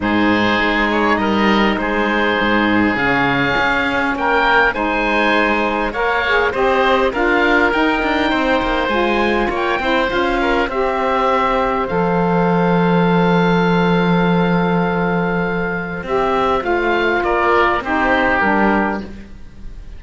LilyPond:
<<
  \new Staff \with { instrumentName = "oboe" } { \time 4/4 \tempo 4 = 101 c''4. cis''8 dis''4 c''4~ | c''4 f''2 g''4 | gis''2 f''4 dis''4 | f''4 g''2 gis''4 |
g''4 f''4 e''2 | f''1~ | f''2. e''4 | f''4 d''4 c''4 ais'4 | }
  \new Staff \with { instrumentName = "oboe" } { \time 4/4 gis'2 ais'4 gis'4~ | gis'2. ais'4 | c''2 cis''4 c''4 | ais'2 c''2 |
cis''8 c''4 ais'8 c''2~ | c''1~ | c''1~ | c''4 ais'4 g'2 | }
  \new Staff \with { instrumentName = "saxophone" } { \time 4/4 dis'1~ | dis'4 cis'2. | dis'2 ais'8 gis'8 g'4 | f'4 dis'2 f'4~ |
f'8 e'8 f'4 g'2 | a'1~ | a'2. g'4 | f'2 dis'4 d'4 | }
  \new Staff \with { instrumentName = "cello" } { \time 4/4 gis,4 gis4 g4 gis4 | gis,4 cis4 cis'4 ais4 | gis2 ais4 c'4 | d'4 dis'8 d'8 c'8 ais8 gis4 |
ais8 c'8 cis'4 c'2 | f1~ | f2. c'4 | a4 ais4 c'4 g4 | }
>>